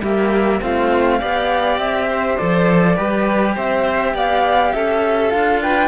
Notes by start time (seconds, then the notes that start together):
0.00 G3 A#3 G4 E5
0.61 A3 C4 F4 F5
1.19 B3 G4 D5
1.78 C4 E5
2.08 C5
2.36 F3 A4 D5
2.95 G3 G4 B4
3.54 C4 C5 E5
4.13 B3 D5 F5
4.72 C#4 A4 E5
5.30 D4 F4 F5
5.62 B4 G5